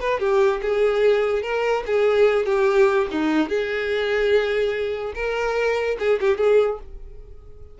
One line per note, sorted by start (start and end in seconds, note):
0.00 0.19 B4
0.19 0.61 G4
0.62 1.42 G#4
1.42 1.83 A#4
1.86 2.46 G#4
2.46 3.07 G4
3.11 3.49 D#4
3.49 5.13 G#4
5.15 5.97 A#4
5.99 6.20 G#4
6.21 6.38 G4
6.38 6.79 G#4